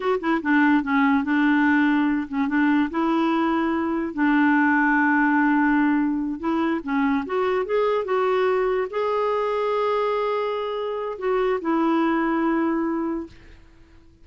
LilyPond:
\new Staff \with { instrumentName = "clarinet" } { \time 4/4 \tempo 4 = 145 fis'8 e'8 d'4 cis'4 d'4~ | d'4. cis'8 d'4 e'4~ | e'2 d'2~ | d'2.~ d'8 e'8~ |
e'8 cis'4 fis'4 gis'4 fis'8~ | fis'4. gis'2~ gis'8~ | gis'2. fis'4 | e'1 | }